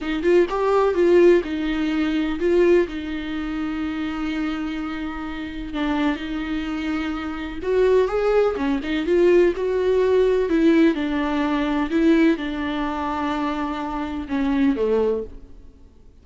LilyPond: \new Staff \with { instrumentName = "viola" } { \time 4/4 \tempo 4 = 126 dis'8 f'8 g'4 f'4 dis'4~ | dis'4 f'4 dis'2~ | dis'1 | d'4 dis'2. |
fis'4 gis'4 cis'8 dis'8 f'4 | fis'2 e'4 d'4~ | d'4 e'4 d'2~ | d'2 cis'4 a4 | }